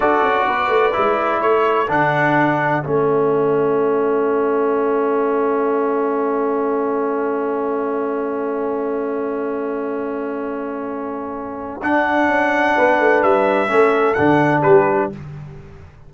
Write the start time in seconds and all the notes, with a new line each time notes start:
0.00 D4 F#4 A4 D5
0.23 C#4
0.47 B3 B4
0.68 A3
0.92 G#3 E4
1.41 A3 A4 C#5
1.88 D3 D4 F#5
2.83 A3 C#4 E5
11.82 D4 F#5
12.27 C#4
12.76 B3 B4
12.99 A3
13.23 G3 E5
13.67 A3 C#4
13.74 A4
14.14 D3 D4 F#5
14.61 G3 G4 B4